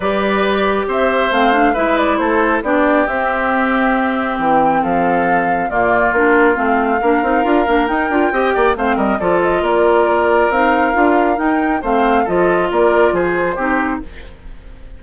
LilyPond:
<<
  \new Staff \with { instrumentName = "flute" } { \time 4/4 \tempo 4 = 137 d''2 e''4 f''4 | e''8 d''8 c''4 d''4 e''4~ | e''2 g''4 f''4~ | f''4 d''4 ais'4 f''4~ |
f''2 g''2 | f''8 dis''8 d''8 dis''8 d''2 | f''2 g''4 f''4 | dis''4 d''4 c''2 | }
  \new Staff \with { instrumentName = "oboe" } { \time 4/4 b'2 c''2 | b'4 a'4 g'2~ | g'2. a'4~ | a'4 f'2. |
ais'2. dis''8 d''8 | c''8 ais'8 a'4 ais'2~ | ais'2. c''4 | a'4 ais'4 gis'4 g'4 | }
  \new Staff \with { instrumentName = "clarinet" } { \time 4/4 g'2. c'8 d'8 | e'2 d'4 c'4~ | c'1~ | c'4 ais4 d'4 c'4 |
d'8 dis'8 f'8 d'8 dis'8 f'8 g'4 | c'4 f'2. | dis'4 f'4 dis'4 c'4 | f'2. dis'4 | }
  \new Staff \with { instrumentName = "bassoon" } { \time 4/4 g2 c'4 a4 | gis4 a4 b4 c'4~ | c'2 e4 f4~ | f4 ais,4 ais4 a4 |
ais8 c'8 d'8 ais8 dis'8 d'8 c'8 ais8 | a8 g8 f4 ais2 | c'4 d'4 dis'4 a4 | f4 ais4 f4 c'4 | }
>>